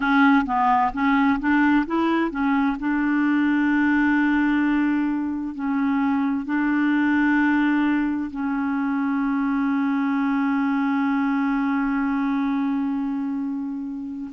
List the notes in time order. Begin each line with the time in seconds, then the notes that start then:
0.00 C#4
0.45 B3
0.93 C#4
1.39 D4
1.86 E4
2.30 C#4
2.79 D4
5.54 C#4
6.45 D4
8.31 C#4